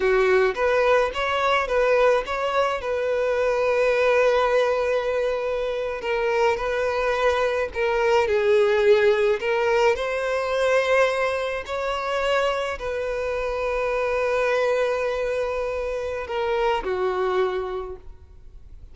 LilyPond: \new Staff \with { instrumentName = "violin" } { \time 4/4 \tempo 4 = 107 fis'4 b'4 cis''4 b'4 | cis''4 b'2.~ | b'2~ b'8. ais'4 b'16~ | b'4.~ b'16 ais'4 gis'4~ gis'16~ |
gis'8. ais'4 c''2~ c''16~ | c''8. cis''2 b'4~ b'16~ | b'1~ | b'4 ais'4 fis'2 | }